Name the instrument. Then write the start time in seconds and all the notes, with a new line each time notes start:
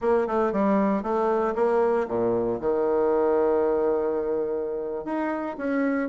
bassoon
0.01 A#3
0.27 A3
0.52 G3
1.02 A3
1.55 A#3
2.07 A#2
2.60 D#3
5.04 D#4
5.57 C#4